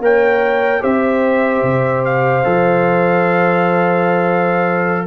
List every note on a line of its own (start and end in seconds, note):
0.00 0.81 A#3
0.00 0.81 A#4
0.00 0.82 C#5
0.00 0.83 G5
0.81 1.62 C4
0.81 2.43 G4
0.81 5.07 C5
0.81 2.05 E5
1.62 2.44 C3
2.05 5.07 F5
2.45 5.07 F3
2.45 5.07 A4